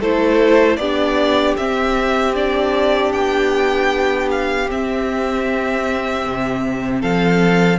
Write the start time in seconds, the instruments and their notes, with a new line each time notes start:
0.00 cello A3, viola E4, violin A4 C5
0.77 cello B3, viola D4, violin G4 D5
1.57 viola C4, cello C4, violin E5
2.35 viola D4, violin D5
3.12 cello B3, violin G5
4.31 violin F5
4.68 viola C4, cello C4, violin E5
6.26 cello C3
7.01 cello F3, violin A4 F5